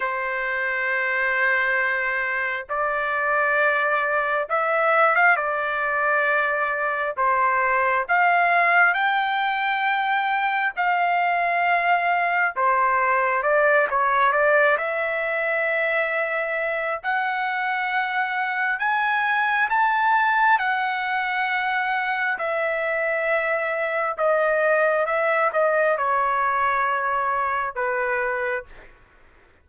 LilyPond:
\new Staff \with { instrumentName = "trumpet" } { \time 4/4 \tempo 4 = 67 c''2. d''4~ | d''4 e''8. f''16 d''2 | c''4 f''4 g''2 | f''2 c''4 d''8 cis''8 |
d''8 e''2~ e''8 fis''4~ | fis''4 gis''4 a''4 fis''4~ | fis''4 e''2 dis''4 | e''8 dis''8 cis''2 b'4 | }